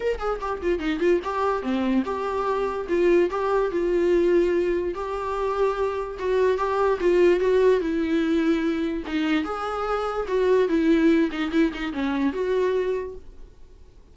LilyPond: \new Staff \with { instrumentName = "viola" } { \time 4/4 \tempo 4 = 146 ais'8 gis'8 g'8 f'8 dis'8 f'8 g'4 | c'4 g'2 f'4 | g'4 f'2. | g'2. fis'4 |
g'4 f'4 fis'4 e'4~ | e'2 dis'4 gis'4~ | gis'4 fis'4 e'4. dis'8 | e'8 dis'8 cis'4 fis'2 | }